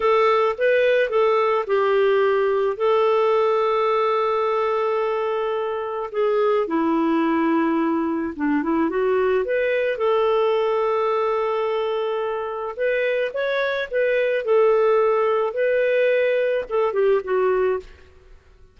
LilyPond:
\new Staff \with { instrumentName = "clarinet" } { \time 4/4 \tempo 4 = 108 a'4 b'4 a'4 g'4~ | g'4 a'2.~ | a'2. gis'4 | e'2. d'8 e'8 |
fis'4 b'4 a'2~ | a'2. b'4 | cis''4 b'4 a'2 | b'2 a'8 g'8 fis'4 | }